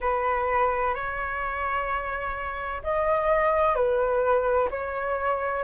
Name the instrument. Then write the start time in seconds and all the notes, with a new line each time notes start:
flute
0.00 B4
0.94 C#5
2.83 D#5
3.75 B4
4.70 C#5